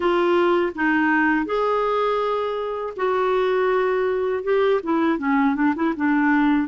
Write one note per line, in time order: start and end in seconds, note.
0.00 0.72 F4
0.75 1.45 D#4
1.45 2.93 G#4
2.96 4.43 F#4
4.43 4.80 G4
4.83 5.18 E4
5.18 5.55 C#4
5.55 5.73 D4
5.75 5.94 E4
5.96 6.68 D4